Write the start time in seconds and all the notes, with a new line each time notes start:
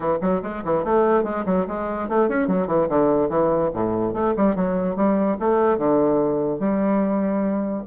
0.00 E3
0.21 F#3
0.42 G#3
0.64 E3
0.84 A3
1.23 G#3
1.45 F#3
1.67 G#3
2.08 A3
2.29 C#4
2.47 F#3
2.67 E3
2.89 D3
3.29 E3
3.73 A2
4.13 A3
4.37 G3
4.55 F#3
4.96 G3
5.39 A3
5.78 D3
6.59 G3